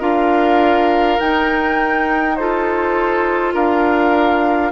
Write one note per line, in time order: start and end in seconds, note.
0.00 1.19 D4
0.00 1.18 F4
0.00 2.35 A#4
0.00 1.20 F5
1.20 2.37 D#4
1.20 3.54 D#4
1.20 2.36 G5
2.36 4.72 F4
2.36 3.54 A4
2.36 3.54 C5
3.54 4.72 D4
3.54 4.72 A#4
3.54 4.72 F5